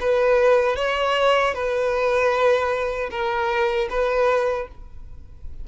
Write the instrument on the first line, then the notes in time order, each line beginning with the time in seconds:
violin
0.00 B4
0.76 C#5
1.54 B4
3.10 A#4
3.90 B4